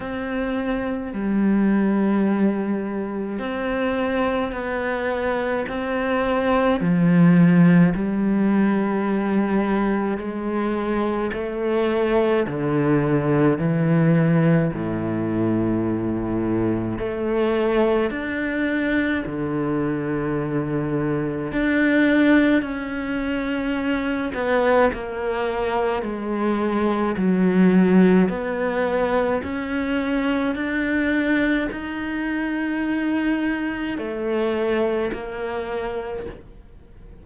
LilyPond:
\new Staff \with { instrumentName = "cello" } { \time 4/4 \tempo 4 = 53 c'4 g2 c'4 | b4 c'4 f4 g4~ | g4 gis4 a4 d4 | e4 a,2 a4 |
d'4 d2 d'4 | cis'4. b8 ais4 gis4 | fis4 b4 cis'4 d'4 | dis'2 a4 ais4 | }